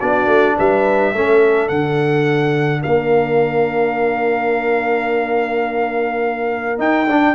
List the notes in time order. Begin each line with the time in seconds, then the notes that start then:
0.00 B3 D4 F#4 D5
0.27 A3
0.58 G3 B4 E5
1.14 A3 C#4 A4
1.69 D3 D4 F#5
2.82 A#3 A#4 F5
6.79 D#4 G5
7.07 D4